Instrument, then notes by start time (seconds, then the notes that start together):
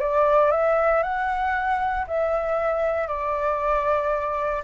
flute
0.00 D5
0.52 E5
1.03 F#5
2.08 E5
3.08 D5